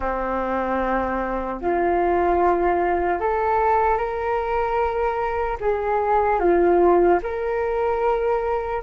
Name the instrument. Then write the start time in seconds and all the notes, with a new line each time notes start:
flute
0.00 C4
1.60 F4
3.20 A4
3.97 A#4
5.60 G#4
6.39 F4
7.22 A#4